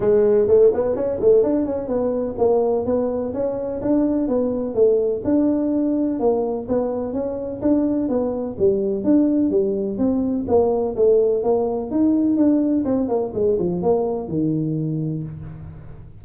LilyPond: \new Staff \with { instrumentName = "tuba" } { \time 4/4 \tempo 4 = 126 gis4 a8 b8 cis'8 a8 d'8 cis'8 | b4 ais4 b4 cis'4 | d'4 b4 a4 d'4~ | d'4 ais4 b4 cis'4 |
d'4 b4 g4 d'4 | g4 c'4 ais4 a4 | ais4 dis'4 d'4 c'8 ais8 | gis8 f8 ais4 dis2 | }